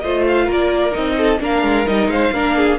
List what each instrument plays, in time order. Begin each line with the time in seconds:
0.00 cello A3, viola F4, violin C5 D#5
0.27 violin F5
0.46 cello A#3, violin A#4
0.52 violin D5
0.91 cello C4, viola D#4, violin D#5
1.17 violin A4
1.40 cello A#3, viola D4, violin A#4 F5
1.62 cello G#3
1.87 cello G3, viola D#4, violin D#5
2.07 cello G#3, violin C5 F5
2.32 cello A#3, viola D4, violin A#4
2.57 violin G#4